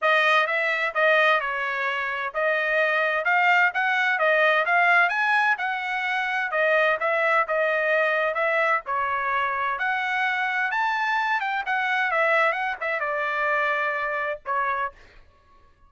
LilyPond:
\new Staff \with { instrumentName = "trumpet" } { \time 4/4 \tempo 4 = 129 dis''4 e''4 dis''4 cis''4~ | cis''4 dis''2 f''4 | fis''4 dis''4 f''4 gis''4 | fis''2 dis''4 e''4 |
dis''2 e''4 cis''4~ | cis''4 fis''2 a''4~ | a''8 g''8 fis''4 e''4 fis''8 e''8 | d''2. cis''4 | }